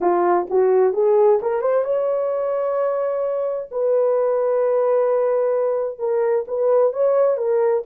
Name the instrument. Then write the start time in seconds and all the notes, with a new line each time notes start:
horn
0.01 F4
0.50 F#4
0.93 G#4
1.42 A#4
1.61 C5
1.84 C#5
3.71 B4
5.99 A#4
6.47 B4
6.92 C#5
7.37 A#4